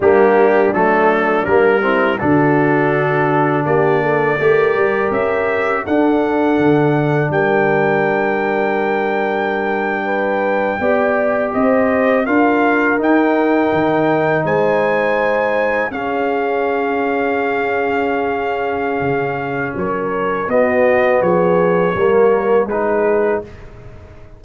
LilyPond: <<
  \new Staff \with { instrumentName = "trumpet" } { \time 4/4 \tempo 4 = 82 g'4 a'4 ais'4 a'4~ | a'4 d''2 e''4 | fis''2 g''2~ | g''2.~ g''8. dis''16~ |
dis''8. f''4 g''2 gis''16~ | gis''4.~ gis''16 f''2~ f''16~ | f''2. cis''4 | dis''4 cis''2 b'4 | }
  \new Staff \with { instrumentName = "horn" } { \time 4/4 d'2~ d'8 e'8 fis'4~ | fis'4 g'8 a'8 ais'2 | a'2 ais'2~ | ais'4.~ ais'16 b'4 d''4 c''16~ |
c''8. ais'2. c''16~ | c''4.~ c''16 gis'2~ gis'16~ | gis'2. ais'4 | fis'4 gis'4 ais'4 gis'4 | }
  \new Staff \with { instrumentName = "trombone" } { \time 4/4 ais4 a4 ais8 c'8 d'4~ | d'2 g'2 | d'1~ | d'2~ d'8. g'4~ g'16~ |
g'8. f'4 dis'2~ dis'16~ | dis'4.~ dis'16 cis'2~ cis'16~ | cis'1 | b2 ais4 dis'4 | }
  \new Staff \with { instrumentName = "tuba" } { \time 4/4 g4 fis4 g4 d4~ | d4 ais4 a8 g8 cis'4 | d'4 d4 g2~ | g2~ g8. b4 c'16~ |
c'8. d'4 dis'4 dis4 gis16~ | gis4.~ gis16 cis'2~ cis'16~ | cis'2 cis4 fis4 | b4 f4 g4 gis4 | }
>>